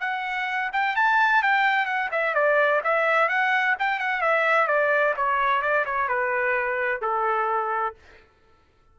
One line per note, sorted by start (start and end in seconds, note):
0.00 0.70 F#5
0.72 0.95 G5
0.95 1.42 A5
1.42 1.86 G5
1.86 2.09 F#5
2.11 2.34 E5
2.34 2.81 D5
2.84 3.28 E5
3.28 3.75 F#5
3.79 3.99 G5
3.99 4.21 F#5
4.21 4.67 E5
4.67 5.14 D5
5.16 5.61 C#5
5.61 5.85 D5
5.85 6.08 C#5
6.08 7.01 B4
7.01 7.95 A4